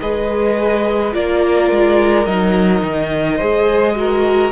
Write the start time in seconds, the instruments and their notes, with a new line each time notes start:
0.00 cello G#3, viola G#4, violin B4 D#5
1.12 cello A#3, viola F4, violin A#4 D5
1.71 cello G#3
2.25 cello F#3, viola D#4, violin D#5
2.83 cello D#3
3.37 cello G#3, viola G#4, violin C5
3.95 viola F#4, violin A#4